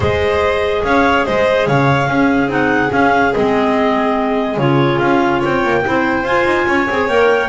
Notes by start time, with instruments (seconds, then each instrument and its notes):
0.00 double bass G#3, clarinet G#4 D#5, violin C5
0.84 double bass C#4, violin C#5, clarinet F5
1.25 double bass G#3, violin C5, clarinet D#5
1.66 double bass C#3, violin C#5, clarinet F5
2.07 double bass C#4, clarinet C#4, violin G#4
2.47 double bass C4, clarinet D#4 F#5
2.89 clarinet C#4 F5, double bass C#4
3.33 double bass G#3, clarinet C4 D#5
4.57 double bass C#3, clarinet F4 C#5
4.99 double bass C#4, clarinet F5
5.38 double bass C4, violin C#5, clarinet G5
5.64 double bass A#3
5.83 double bass C4, clarinet E4, violin C5
6.23 double bass F4, clarinet F4 G#5
6.45 double bass D#4
6.67 double bass C#4, violin C#5
6.89 double bass C4, clarinet G#4
7.08 double bass A#3, clarinet A#4 G5